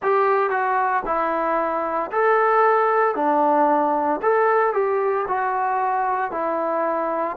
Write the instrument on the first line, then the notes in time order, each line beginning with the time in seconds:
trombone
0.02 G4
0.50 F#4
1.05 E4
2.11 A4
3.15 D4
4.22 A4
4.73 G4
5.27 F#4
6.31 E4